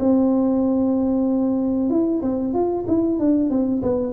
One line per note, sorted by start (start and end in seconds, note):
0.00 1.90 C4
1.90 2.22 E4
2.22 2.54 C4
2.54 2.86 F4
2.88 3.20 E4
3.20 3.50 D4
3.50 3.82 C4
3.83 4.13 B3